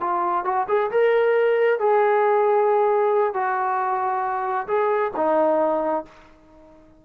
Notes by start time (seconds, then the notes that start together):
0.00 F4
0.44 F#4
0.68 G#4
0.91 A#4
1.79 G#4
3.33 F#4
4.67 G#4
5.16 D#4